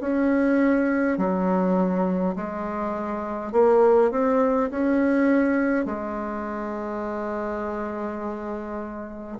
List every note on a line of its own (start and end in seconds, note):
0.00 1.18 C#4
1.18 2.35 F#3
2.36 3.52 G#3
3.52 4.11 A#3
4.11 4.70 C4
4.70 5.85 C#4
5.85 9.38 G#3